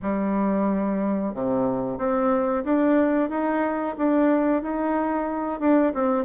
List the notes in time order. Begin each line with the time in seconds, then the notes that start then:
0.02 G3
1.34 C3
1.98 C4
2.64 D4
3.29 D#4
3.97 D4
4.62 D#4
5.60 D4
5.93 C4